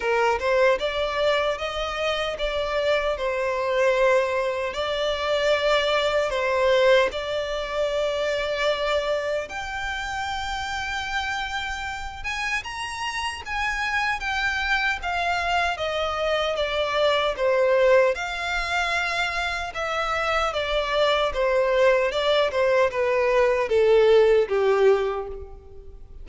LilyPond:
\new Staff \with { instrumentName = "violin" } { \time 4/4 \tempo 4 = 76 ais'8 c''8 d''4 dis''4 d''4 | c''2 d''2 | c''4 d''2. | g''2.~ g''8 gis''8 |
ais''4 gis''4 g''4 f''4 | dis''4 d''4 c''4 f''4~ | f''4 e''4 d''4 c''4 | d''8 c''8 b'4 a'4 g'4 | }